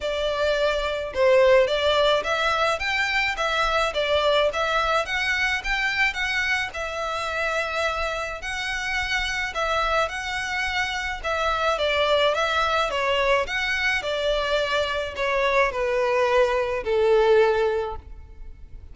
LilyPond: \new Staff \with { instrumentName = "violin" } { \time 4/4 \tempo 4 = 107 d''2 c''4 d''4 | e''4 g''4 e''4 d''4 | e''4 fis''4 g''4 fis''4 | e''2. fis''4~ |
fis''4 e''4 fis''2 | e''4 d''4 e''4 cis''4 | fis''4 d''2 cis''4 | b'2 a'2 | }